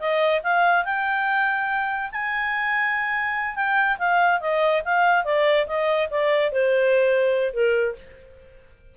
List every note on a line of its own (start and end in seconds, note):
0.00 0.42 D#5
0.43 0.85 F5
0.85 2.11 G5
2.12 3.56 G#5
3.56 3.98 G5
3.99 4.41 F5
4.41 4.83 D#5
4.85 5.25 F5
5.25 5.67 D5
5.67 6.09 D#5
6.11 6.52 D5
6.52 7.54 C5
7.54 7.96 A#4